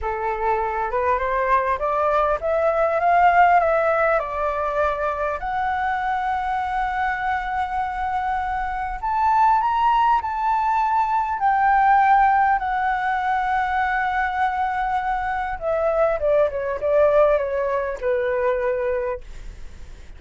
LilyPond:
\new Staff \with { instrumentName = "flute" } { \time 4/4 \tempo 4 = 100 a'4. b'8 c''4 d''4 | e''4 f''4 e''4 d''4~ | d''4 fis''2.~ | fis''2. a''4 |
ais''4 a''2 g''4~ | g''4 fis''2.~ | fis''2 e''4 d''8 cis''8 | d''4 cis''4 b'2 | }